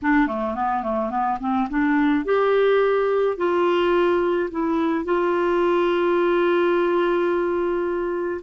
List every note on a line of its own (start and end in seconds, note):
0.02 0.27 D4
0.27 0.54 A3
0.54 0.82 B3
0.83 1.10 A3
1.10 1.38 B3
1.40 1.68 C4
1.69 2.25 D4
2.25 3.37 G4
3.37 4.49 F4
4.50 5.04 E4
5.04 8.41 F4